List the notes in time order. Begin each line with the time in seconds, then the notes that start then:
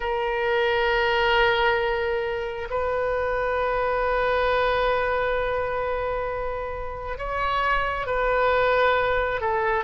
0.00 A#4
2.70 B4
7.18 C#5
8.06 B4
9.40 A4